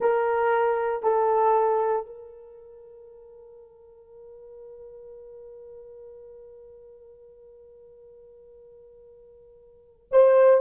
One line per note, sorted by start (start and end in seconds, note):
0.00 1.03 A#4
1.03 2.05 A4
2.05 10.07 A#4
10.11 10.61 C5